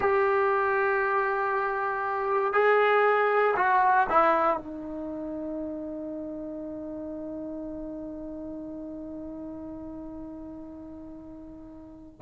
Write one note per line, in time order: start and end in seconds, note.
0.00 2.53 G4
2.53 3.54 G#4
3.56 4.07 F#4
4.09 4.57 E4
4.57 12.20 D#4